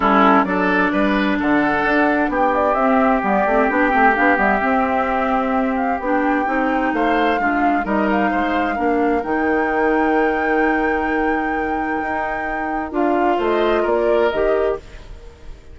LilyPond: <<
  \new Staff \with { instrumentName = "flute" } { \time 4/4 \tempo 4 = 130 a'4 d''2 fis''4~ | fis''4 g''8 d''8 e''4 d''4 | g''4 f''8 e''2~ e''8~ | e''8 f''8 g''2 f''4~ |
f''4 dis''8 f''2~ f''8 | g''1~ | g''1 | f''4 dis''4 d''4 dis''4 | }
  \new Staff \with { instrumentName = "oboe" } { \time 4/4 e'4 a'4 b'4 a'4~ | a'4 g'2.~ | g'1~ | g'2. c''4 |
f'4 ais'4 c''4 ais'4~ | ais'1~ | ais'1~ | ais'4 c''4 ais'2 | }
  \new Staff \with { instrumentName = "clarinet" } { \time 4/4 cis'4 d'2.~ | d'2 c'4 b8 c'8 | d'8 c'8 d'8 b8 c'2~ | c'4 d'4 dis'2 |
d'4 dis'2 d'4 | dis'1~ | dis'1 | f'2. g'4 | }
  \new Staff \with { instrumentName = "bassoon" } { \time 4/4 g4 fis4 g4 d4 | d'4 b4 c'4 g8 a8 | b8 a8 b8 g8 c'2~ | c'4 b4 c'4 a4 |
gis4 g4 gis4 ais4 | dis1~ | dis2 dis'2 | d'4 a4 ais4 dis4 | }
>>